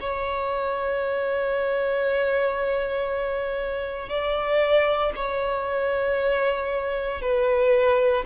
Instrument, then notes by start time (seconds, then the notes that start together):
violin
0.00 C#5
4.09 D5
5.16 C#5
7.21 B4